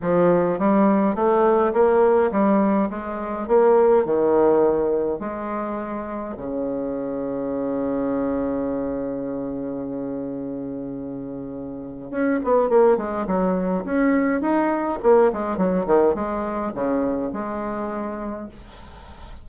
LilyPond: \new Staff \with { instrumentName = "bassoon" } { \time 4/4 \tempo 4 = 104 f4 g4 a4 ais4 | g4 gis4 ais4 dis4~ | dis4 gis2 cis4~ | cis1~ |
cis1~ | cis4 cis'8 b8 ais8 gis8 fis4 | cis'4 dis'4 ais8 gis8 fis8 dis8 | gis4 cis4 gis2 | }